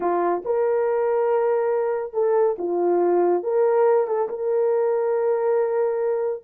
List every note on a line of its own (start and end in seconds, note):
0.00 0.42 F4
0.44 2.13 A#4
2.13 2.56 A4
2.58 3.43 F4
3.43 4.07 A#4
4.07 4.28 A4
4.29 6.43 A#4